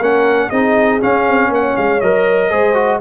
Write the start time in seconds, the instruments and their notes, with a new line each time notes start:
0.00 tuba A#3, trombone C#4, horn A#4, trumpet F#5
0.49 tuba C4, trombone D#4, horn G#4, trumpet D#5
1.01 trombone C#4, tuba C#4, trumpet F5
1.28 tuba C4
1.49 tuba A#3, horn C#5, trumpet F#5
1.77 tuba G#3, trumpet F5
2.01 tuba F#3, trombone A#4, trumpet D#5
2.50 tuba G#3, trombone G#4, horn C5
2.75 trombone F#4